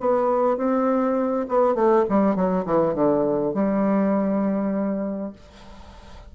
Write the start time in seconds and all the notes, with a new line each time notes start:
0.00 B3
0.58 C4
1.49 B3
1.75 A3
2.10 G3
2.36 F#3
2.66 E3
2.95 D3
3.54 G3